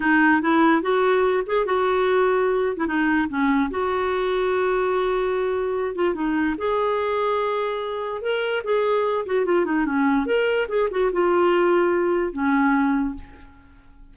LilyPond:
\new Staff \with { instrumentName = "clarinet" } { \time 4/4 \tempo 4 = 146 dis'4 e'4 fis'4. gis'8 | fis'2~ fis'8. e'16 dis'4 | cis'4 fis'2.~ | fis'2~ fis'8 f'8 dis'4 |
gis'1 | ais'4 gis'4. fis'8 f'8 dis'8 | cis'4 ais'4 gis'8 fis'8 f'4~ | f'2 cis'2 | }